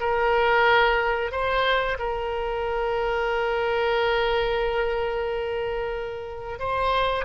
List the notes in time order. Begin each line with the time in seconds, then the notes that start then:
0.00 A#4
1.32 C5
1.99 A#4
6.59 C5